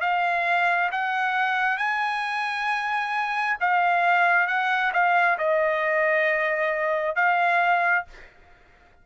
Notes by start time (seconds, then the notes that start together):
0.00 F5
0.92 F#5
1.77 G#5
3.60 F5
4.47 F#5
4.93 F5
5.38 D#5
7.16 F5